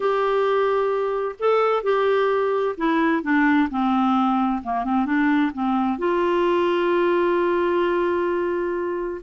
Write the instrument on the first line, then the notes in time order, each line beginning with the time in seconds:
clarinet
0.00 G4
1.39 A4
1.83 G4
2.77 E4
3.22 D4
3.70 C4
4.63 A#3
4.84 C4
5.05 D4
5.53 C4
5.98 F4